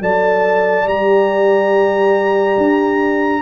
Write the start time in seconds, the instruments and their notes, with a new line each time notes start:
0.00 tuba F#3, horn A4 D5, trumpet A5
0.84 tuba G3, horn G4, trumpet A#5
2.57 tuba D4